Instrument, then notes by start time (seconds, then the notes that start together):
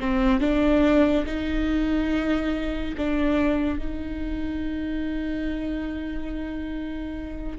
viola
0.00 C4
0.41 D4
1.26 D#4
2.97 D4
3.78 D#4